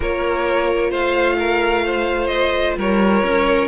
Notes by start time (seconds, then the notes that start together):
0.00 A#3 F4 A#4 C#5
0.90 A3 C5 F5
1.38 A#4
1.85 C5
2.27 D#5
2.77 G3 A#4 C#5
3.23 C#4